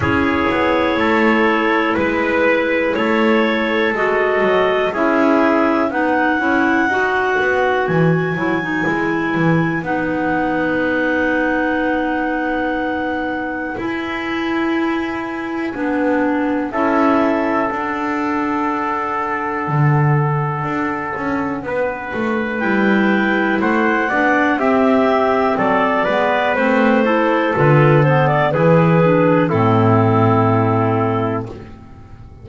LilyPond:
<<
  \new Staff \with { instrumentName = "clarinet" } { \time 4/4 \tempo 4 = 61 cis''2 b'4 cis''4 | dis''4 e''4 fis''2 | gis''2 fis''2~ | fis''2 gis''2~ |
gis''4 e''4 fis''2~ | fis''2. g''4 | fis''4 e''4 d''4 c''4 | b'8 c''16 d''16 b'4 a'2 | }
  \new Staff \with { instrumentName = "trumpet" } { \time 4/4 gis'4 a'4 b'4 a'4~ | a'4 gis'4 b'2~ | b'1~ | b'1~ |
b'4 a'2.~ | a'2 b'2 | c''8 d''8 g'4 a'8 b'4 a'8~ | a'4 gis'4 e'2 | }
  \new Staff \with { instrumentName = "clarinet" } { \time 4/4 e'1 | fis'4 e'4 dis'8 e'8 fis'4~ | fis'8 e'16 dis'16 e'4 dis'2~ | dis'2 e'2 |
d'4 e'4 d'2~ | d'2. e'4~ | e'8 d'8 c'4. b8 c'8 e'8 | f'8 b8 e'8 d'8 c'2 | }
  \new Staff \with { instrumentName = "double bass" } { \time 4/4 cis'8 b8 a4 gis4 a4 | gis8 fis8 cis'4 b8 cis'8 dis'8 b8 | e8 fis8 gis8 e8 b2~ | b2 e'2 |
b4 cis'4 d'2 | d4 d'8 cis'8 b8 a8 g4 | a8 b8 c'4 fis8 gis8 a4 | d4 e4 a,2 | }
>>